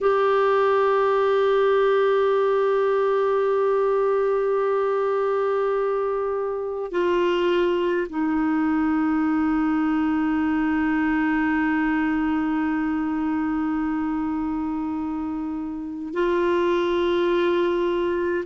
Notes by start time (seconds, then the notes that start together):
0.00 G4
6.91 F4
8.09 D#4
16.13 F4